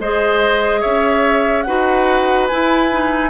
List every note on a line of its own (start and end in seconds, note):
0.00 0.83 G#3
0.00 1.67 G#4
0.00 0.81 C5
0.00 0.82 D#5
0.81 1.68 C#4
0.81 1.64 C#5
0.81 1.62 E5
1.62 2.51 D#4
1.62 2.50 F#4
1.62 3.30 B4
1.62 2.45 F#5
2.47 2.91 E4
2.47 3.30 E4
2.47 3.30 G#5
2.91 3.30 D#4